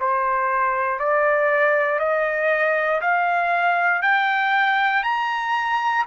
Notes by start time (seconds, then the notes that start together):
0.00 C5
0.99 D5
1.99 D#5
3.01 F5
4.02 G5
5.03 A#5